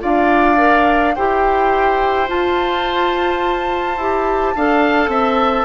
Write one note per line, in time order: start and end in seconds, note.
0.00 1.17 D4
0.00 0.57 F4
0.00 1.15 D5
0.00 1.16 F5
0.57 1.14 A#4
1.16 2.30 E4
1.16 2.28 G4
1.16 4.55 C5
1.16 2.29 G5
2.28 3.98 F4
2.28 3.97 F4
2.28 5.65 A5
3.97 4.54 E4
3.97 4.56 G4
4.56 5.08 D4
4.56 5.65 A4
4.56 5.10 F5
5.08 5.65 C4
5.08 5.65 E5